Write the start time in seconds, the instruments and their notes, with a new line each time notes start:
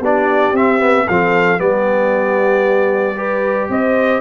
0.00 tuba B3, trombone D4, horn G4, trumpet D5
0.53 tuba C4, trombone C4, trumpet E5
0.79 trombone B3
1.08 tuba F3, trombone C4, horn A4, trumpet F5
1.58 tuba G3, trombone B3, horn G4, trumpet D5
3.16 trombone G4, horn B4
3.69 tuba C4, horn C5, trumpet D#5